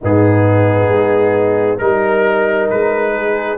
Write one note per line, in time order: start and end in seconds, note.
0.01 0.88 G#2
0.01 1.79 B3
0.01 1.80 D#4
0.01 1.78 G#4
0.88 1.77 G#3
1.78 2.69 G3
1.78 3.57 D#4
1.78 2.67 A#4
1.78 3.15 A#4
2.69 3.57 G#3
2.69 3.57 B4
3.15 3.57 G#4